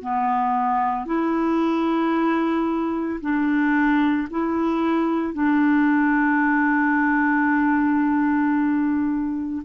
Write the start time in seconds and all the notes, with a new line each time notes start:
0.00 B3
1.05 E4
3.20 D4
4.30 E4
5.33 D4